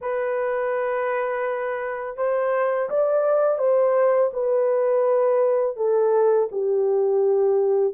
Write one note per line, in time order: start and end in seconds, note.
0.01 2.17 B4
2.17 2.89 C5
2.89 3.58 D5
3.58 4.30 C5
4.33 5.76 B4
5.76 6.48 A4
6.51 7.94 G4